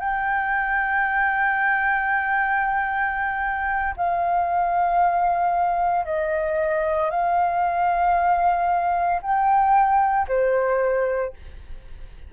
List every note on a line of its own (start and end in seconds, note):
0.00 3.95 G5
3.97 6.05 F5
6.05 7.11 D#5
7.11 9.21 F5
9.22 10.28 G5
10.28 11.33 C5